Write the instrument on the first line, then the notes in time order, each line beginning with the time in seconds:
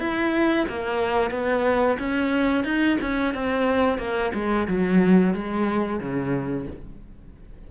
cello
0.00 E4
0.69 A#3
1.31 B3
1.99 C#4
2.65 D#4
3.02 C#4
3.35 C4
3.99 A#3
4.35 G#3
4.68 F#3
5.35 G#3
6.01 C#3